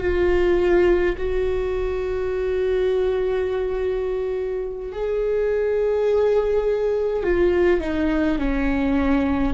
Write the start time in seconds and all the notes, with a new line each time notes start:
0.00 F4
1.17 F#4
4.92 G#4
7.23 F4
7.80 D#4
8.38 C#4